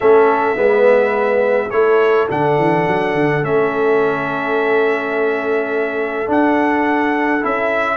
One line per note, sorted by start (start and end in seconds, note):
0.00 0.56 A3
0.00 0.55 C#4
0.00 0.58 A4
0.00 1.70 E5
0.55 1.70 G#3
0.55 1.69 B3
0.55 1.73 B4
1.70 2.28 A3
1.70 2.29 E4
1.70 7.96 A4
1.70 2.27 C#5
2.29 2.58 D3
2.29 3.42 D4
2.29 3.44 F#5
2.58 2.87 E3
2.87 3.14 F#3
3.14 3.42 D3
3.42 6.28 A3
3.42 6.26 C#4
3.42 6.30 E5
6.26 7.40 D4
6.26 7.42 D4
6.26 7.44 F#5
7.40 7.96 C#4
7.40 7.96 E4
7.40 7.96 E5